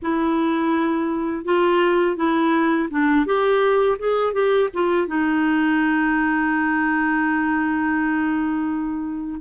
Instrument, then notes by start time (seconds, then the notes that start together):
clarinet
0.02 E4
1.45 F4
2.16 E4
2.90 D4
3.25 G4
3.98 G#4
4.33 G4
4.73 F4
5.07 D#4